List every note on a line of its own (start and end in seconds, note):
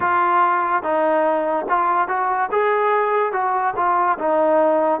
0.00 0.83 F4
0.83 1.66 D#4
1.69 2.08 F4
2.08 2.49 F#4
2.51 3.32 G#4
3.32 3.74 F#4
3.76 4.18 F4
4.18 5.00 D#4